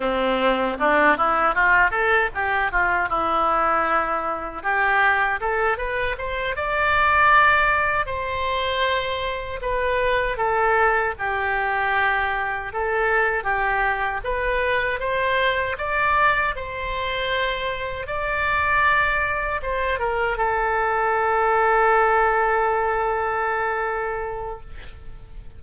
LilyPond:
\new Staff \with { instrumentName = "oboe" } { \time 4/4 \tempo 4 = 78 c'4 d'8 e'8 f'8 a'8 g'8 f'8 | e'2 g'4 a'8 b'8 | c''8 d''2 c''4.~ | c''8 b'4 a'4 g'4.~ |
g'8 a'4 g'4 b'4 c''8~ | c''8 d''4 c''2 d''8~ | d''4. c''8 ais'8 a'4.~ | a'1 | }